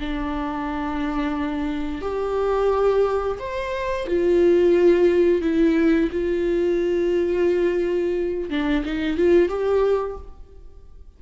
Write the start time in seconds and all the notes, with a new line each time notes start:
0.00 D4
2.02 G4
3.40 C5
4.08 F4
5.42 E4
6.12 F4
8.50 D4
8.85 D#4
9.18 F4
9.49 G4